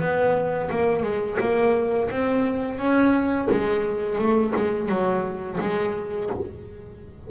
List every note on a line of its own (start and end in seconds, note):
0.00 0.70 B3
0.71 1.03 A#3
1.03 1.38 G#3
1.40 2.10 A#3
2.11 2.79 C4
2.79 3.48 C#4
3.51 4.18 G#3
4.18 4.53 A3
4.56 4.89 G#3
4.89 5.59 F#3
5.61 6.30 G#3